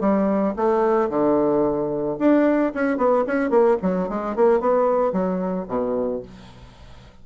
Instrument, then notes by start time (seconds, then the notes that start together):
bassoon
0.00 G3
0.56 A3
1.09 D3
2.19 D4
2.74 C#4
2.97 B3
3.27 C#4
3.50 A#3
3.82 F#3
4.09 G#3
4.36 A#3
4.60 B3
5.13 F#3
5.68 B2